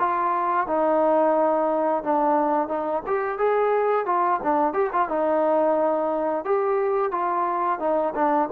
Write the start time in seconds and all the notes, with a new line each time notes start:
0.00 F4
0.68 D#4
2.04 D4
2.69 D#4
3.07 G4
3.38 G#4
4.07 F4
4.43 D4
4.74 G4
4.93 F4
5.09 D#4
6.45 G4
7.12 F4
7.80 D#4
8.15 D4